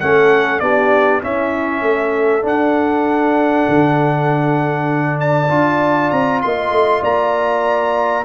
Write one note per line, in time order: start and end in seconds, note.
0.00 0.61 A3
0.00 0.62 C#4
0.00 0.61 A4
0.00 0.59 F#5
0.59 1.22 B3
0.59 1.22 D4
0.59 1.22 G4
0.59 1.21 D5
1.22 2.42 C#4
1.22 1.82 C#4
1.22 1.84 E4
1.22 2.46 E5
1.82 2.43 A3
1.82 5.19 A4
2.42 5.48 D4
2.42 3.66 D4
2.42 5.20 F#5
3.68 5.50 D3
5.19 6.41 D5
5.19 6.10 A5
5.49 6.11 D4
5.49 8.24 F4
6.10 6.43 C4
6.10 6.41 A#5
6.42 6.70 A#3
6.42 7.02 D#5
6.42 7.03 C6
6.70 7.01 A3
7.02 8.24 A#3
7.02 8.24 D5
7.02 8.24 A#5